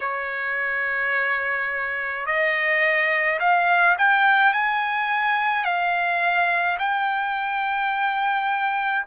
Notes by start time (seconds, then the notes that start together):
0.00 C#5
2.26 D#5
3.40 F5
3.98 G5
4.53 G#5
5.64 F5
6.78 G5